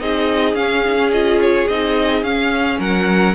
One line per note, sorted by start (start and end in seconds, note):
0.00 0.54 C4
0.00 0.56 D#4
0.00 2.80 G#4
0.00 0.55 D#5
0.54 1.66 C#4
0.54 0.84 C#4
0.54 1.11 F5
0.86 0.96 D#4
0.96 1.10 C#4
1.12 1.70 F4
1.12 1.40 D#5
1.41 1.68 C#5
1.68 2.23 C4
1.68 2.25 D#4
1.68 2.24 D#5
2.23 2.79 C#4
2.23 3.35 C#4
2.23 2.80 F5
2.80 3.35 F#3
2.80 3.35 A#4
2.80 3.35 F#5